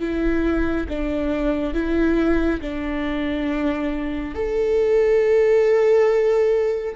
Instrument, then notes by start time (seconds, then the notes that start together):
viola
0.00 E4
0.89 D4
1.74 E4
2.61 D4
4.35 A4